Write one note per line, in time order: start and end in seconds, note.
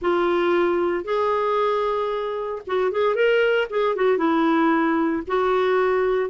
0.01 1.04 F4
1.04 2.62 G#4
2.67 2.91 F#4
2.91 3.15 G#4
3.15 3.67 A#4
3.70 3.95 G#4
3.95 4.17 F#4
4.17 5.22 E4
5.27 6.30 F#4